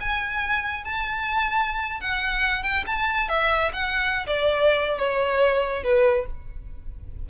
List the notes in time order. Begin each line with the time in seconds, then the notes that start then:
0.00 G#5
0.84 A5
2.00 F#5
2.62 G5
2.86 A5
3.28 E5
3.73 F#5
4.26 D5
4.98 C#5
5.83 B4